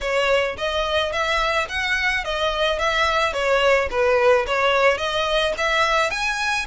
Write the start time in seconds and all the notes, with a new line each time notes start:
0.01 C#5
0.57 D#5
1.12 E5
1.68 F#5
2.24 D#5
2.79 E5
3.33 C#5
3.90 B4
4.46 C#5
4.97 D#5
5.57 E5
6.10 G#5